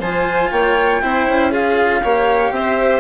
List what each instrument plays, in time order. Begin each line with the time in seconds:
0.00 bassoon F3, cello F4, violin C5, flute G#5
0.51 bassoon A#3, violin C#5, flute G5
1.01 bassoon C4, cello E4, violin C5
1.27 bassoon C#4
1.51 cello F4, violin G#4, flute F5
2.03 bassoon A#3, cello G4, violin C#5
2.51 bassoon C4, violin C5, flute E5